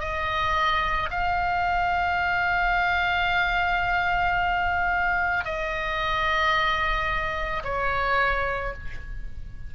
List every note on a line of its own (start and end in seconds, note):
0.00 1.09 D#5
1.10 5.44 F5
5.44 7.63 D#5
7.64 8.73 C#5